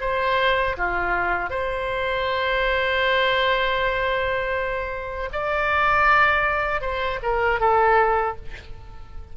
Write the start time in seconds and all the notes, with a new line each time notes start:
0.00 C5
0.77 F4
1.49 C5
5.32 D5
6.81 C5
7.22 A#4
7.59 A4